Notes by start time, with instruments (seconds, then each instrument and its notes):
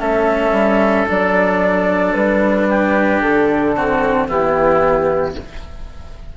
0.00 bassoon A3, cello C#4, oboe A4, flute E5
0.52 bassoon G3
1.08 bassoon F#3, cello D4, flute D5
2.13 bassoon G3, flute B4
2.69 oboe G4
3.21 bassoon D3, flute A4
3.76 cello C4, oboe F#4
4.28 bassoon E3, cello B3, oboe E4, flute G4